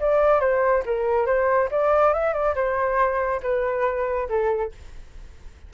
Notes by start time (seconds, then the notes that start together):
0.00 D5
0.40 C5
0.86 A#4
1.26 C5
1.71 D5
2.14 E5
2.34 D5
2.55 C5
3.43 B4
4.29 A4